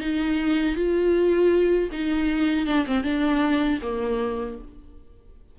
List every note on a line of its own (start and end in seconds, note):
0.00 0.76 D#4
0.76 1.90 F4
1.92 2.67 D#4
2.67 2.86 D4
2.86 3.03 C4
3.03 3.79 D4
3.82 4.58 A#3